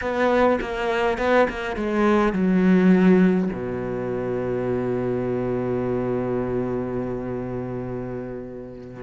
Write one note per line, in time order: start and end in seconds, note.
0.01 0.59 B3
0.60 1.18 A#3
1.18 1.47 B3
1.49 1.76 A#3
1.76 2.32 G#3
2.32 3.49 F#3
3.52 9.03 B2